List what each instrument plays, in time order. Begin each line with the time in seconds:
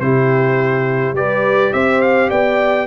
0.00 tuba C3, trombone E4, horn G4, trumpet C5
1.13 tuba G3, trombone G4, horn B4, trumpet D5
1.73 tuba C4, horn C5, trumpet E5
2.01 trumpet F5
2.29 tuba B3, horn D5, trumpet G5